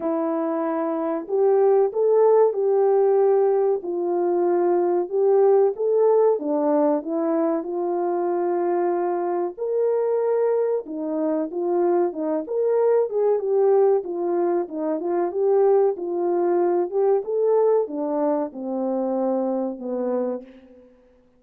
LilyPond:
\new Staff \with { instrumentName = "horn" } { \time 4/4 \tempo 4 = 94 e'2 g'4 a'4 | g'2 f'2 | g'4 a'4 d'4 e'4 | f'2. ais'4~ |
ais'4 dis'4 f'4 dis'8 ais'8~ | ais'8 gis'8 g'4 f'4 dis'8 f'8 | g'4 f'4. g'8 a'4 | d'4 c'2 b4 | }